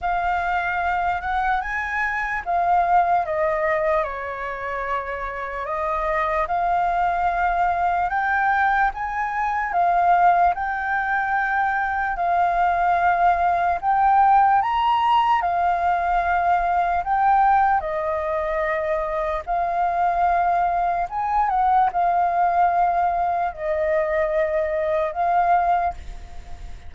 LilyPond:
\new Staff \with { instrumentName = "flute" } { \time 4/4 \tempo 4 = 74 f''4. fis''8 gis''4 f''4 | dis''4 cis''2 dis''4 | f''2 g''4 gis''4 | f''4 g''2 f''4~ |
f''4 g''4 ais''4 f''4~ | f''4 g''4 dis''2 | f''2 gis''8 fis''8 f''4~ | f''4 dis''2 f''4 | }